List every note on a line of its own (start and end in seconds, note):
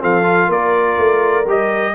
0.00 0.48 F3
0.00 0.22 C4
0.00 0.47 A4
0.00 0.51 F5
0.22 1.43 F4
0.47 0.96 A#3
0.47 1.92 A#4
0.47 1.48 D5
0.98 1.46 A3
1.46 1.94 G3
1.46 1.95 G4
1.46 1.95 D#5